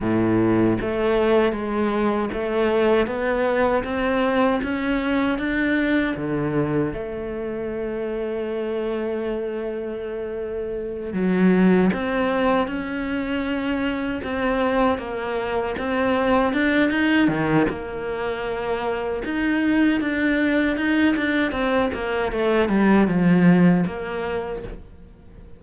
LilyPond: \new Staff \with { instrumentName = "cello" } { \time 4/4 \tempo 4 = 78 a,4 a4 gis4 a4 | b4 c'4 cis'4 d'4 | d4 a2.~ | a2~ a8 fis4 c'8~ |
c'8 cis'2 c'4 ais8~ | ais8 c'4 d'8 dis'8 dis8 ais4~ | ais4 dis'4 d'4 dis'8 d'8 | c'8 ais8 a8 g8 f4 ais4 | }